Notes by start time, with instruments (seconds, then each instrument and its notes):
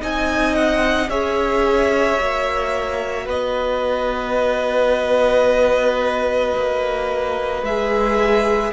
0.00 cello C4, viola D#4, violin D#5 G#5
0.55 violin F#5
1.10 cello C#4, viola G#4, violin C#5 E5
2.19 cello A#3, viola F#4
3.25 cello B3, violin B4 D#5
6.56 cello A#3
7.62 cello G#3, viola G#4, violin E5